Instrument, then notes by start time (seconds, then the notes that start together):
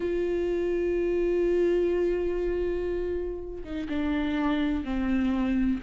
viola
0.00 F4
3.63 D#4
3.88 D4
4.84 C4